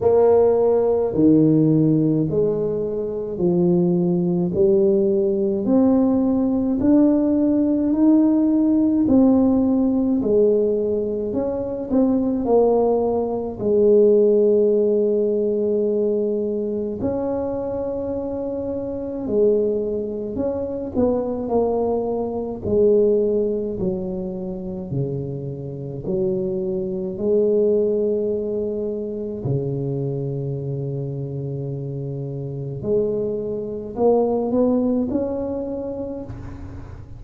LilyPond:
\new Staff \with { instrumentName = "tuba" } { \time 4/4 \tempo 4 = 53 ais4 dis4 gis4 f4 | g4 c'4 d'4 dis'4 | c'4 gis4 cis'8 c'8 ais4 | gis2. cis'4~ |
cis'4 gis4 cis'8 b8 ais4 | gis4 fis4 cis4 fis4 | gis2 cis2~ | cis4 gis4 ais8 b8 cis'4 | }